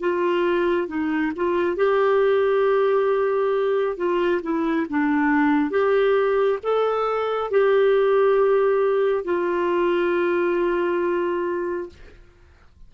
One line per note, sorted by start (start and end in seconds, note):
0.00 0.88 F4
0.88 1.32 D#4
1.36 1.76 F4
1.76 3.97 G4
3.97 4.41 F4
4.42 4.86 E4
4.90 5.70 D4
5.70 6.59 G4
6.63 7.51 A4
7.51 9.24 G4
9.24 11.89 F4